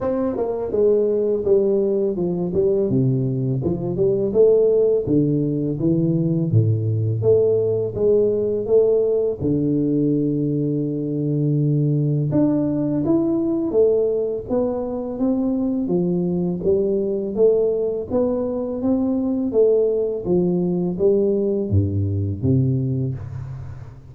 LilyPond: \new Staff \with { instrumentName = "tuba" } { \time 4/4 \tempo 4 = 83 c'8 ais8 gis4 g4 f8 g8 | c4 f8 g8 a4 d4 | e4 a,4 a4 gis4 | a4 d2.~ |
d4 d'4 e'4 a4 | b4 c'4 f4 g4 | a4 b4 c'4 a4 | f4 g4 g,4 c4 | }